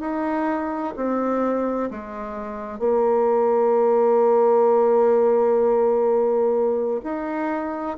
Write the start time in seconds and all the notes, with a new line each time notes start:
0.00 D#4
0.96 C4
1.90 G#3
2.79 A#3
7.03 D#4